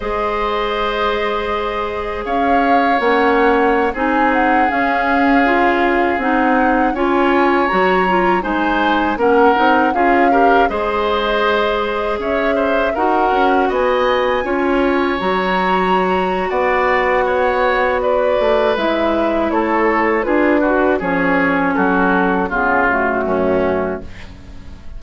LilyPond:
<<
  \new Staff \with { instrumentName = "flute" } { \time 4/4 \tempo 4 = 80 dis''2. f''4 | fis''4~ fis''16 gis''8 fis''8 f''4.~ f''16~ | f''16 fis''4 gis''4 ais''4 gis''8.~ | gis''16 fis''4 f''4 dis''4.~ dis''16~ |
dis''16 e''4 fis''4 gis''4.~ gis''16~ | gis''16 ais''4.~ ais''16 fis''2 | d''4 e''4 cis''4 b'4 | cis''4 a'4 gis'8 fis'4. | }
  \new Staff \with { instrumentName = "oboe" } { \time 4/4 c''2. cis''4~ | cis''4~ cis''16 gis'2~ gis'8.~ | gis'4~ gis'16 cis''2 c''8.~ | c''16 ais'4 gis'8 ais'8 c''4.~ c''16~ |
c''16 cis''8 c''8 ais'4 dis''4 cis''8.~ | cis''2 d''4 cis''4 | b'2 a'4 gis'8 fis'8 | gis'4 fis'4 f'4 cis'4 | }
  \new Staff \with { instrumentName = "clarinet" } { \time 4/4 gis'1 | cis'4~ cis'16 dis'4 cis'4 f'8.~ | f'16 dis'4 f'4 fis'8 f'8 dis'8.~ | dis'16 cis'8 dis'8 f'8 g'8 gis'4.~ gis'16~ |
gis'4~ gis'16 fis'2 f'8.~ | f'16 fis'2.~ fis'8.~ | fis'4 e'2 f'8 fis'8 | cis'2 b8 a4. | }
  \new Staff \with { instrumentName = "bassoon" } { \time 4/4 gis2. cis'4 | ais4~ ais16 c'4 cis'4.~ cis'16~ | cis'16 c'4 cis'4 fis4 gis8.~ | gis16 ais8 c'8 cis'4 gis4.~ gis16~ |
gis16 cis'4 dis'8 cis'8 b4 cis'8.~ | cis'16 fis4.~ fis16 b2~ | b8 a8 gis4 a4 d'4 | f4 fis4 cis4 fis,4 | }
>>